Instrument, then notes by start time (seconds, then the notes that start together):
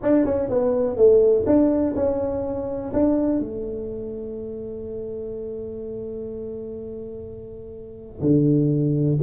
tuba
0.02 D4
0.25 C#4
0.49 B3
0.96 A3
1.46 D4
1.95 C#4
2.93 D4
3.39 A3
8.21 D3